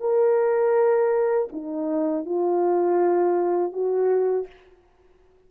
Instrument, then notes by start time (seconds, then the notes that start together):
horn
0.00 A#4
1.53 D#4
2.25 F4
3.73 F#4